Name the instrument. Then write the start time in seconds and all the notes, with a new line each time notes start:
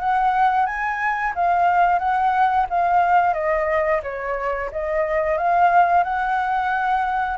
flute
0.00 F#5
0.66 G#5
1.35 F5
1.99 F#5
2.70 F5
3.34 D#5
4.03 C#5
4.72 D#5
5.38 F5
6.04 F#5